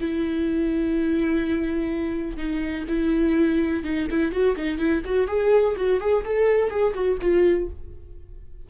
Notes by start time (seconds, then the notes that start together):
0.00 E4
2.37 D#4
2.88 E4
3.84 D#4
4.11 E4
4.32 F#4
4.56 D#4
4.78 E4
5.05 F#4
5.27 G#4
5.76 F#4
6.00 G#4
6.25 A4
6.70 G#4
6.94 F#4
7.21 F4